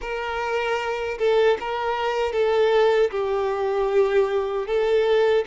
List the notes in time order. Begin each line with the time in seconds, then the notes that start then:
0.01 A#4
1.18 A4
1.59 A#4
2.32 A4
3.10 G4
4.66 A4